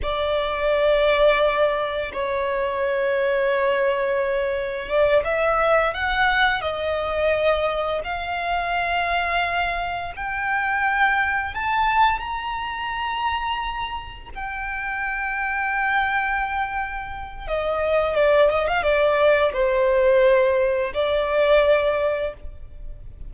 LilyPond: \new Staff \with { instrumentName = "violin" } { \time 4/4 \tempo 4 = 86 d''2. cis''4~ | cis''2. d''8 e''8~ | e''8 fis''4 dis''2 f''8~ | f''2~ f''8 g''4.~ |
g''8 a''4 ais''2~ ais''8~ | ais''8 g''2.~ g''8~ | g''4 dis''4 d''8 dis''16 f''16 d''4 | c''2 d''2 | }